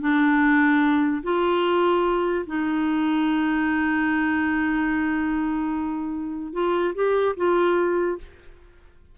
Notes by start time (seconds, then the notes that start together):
0.00 D4
1.23 F4
2.46 D#4
6.53 F4
6.94 G4
7.36 F4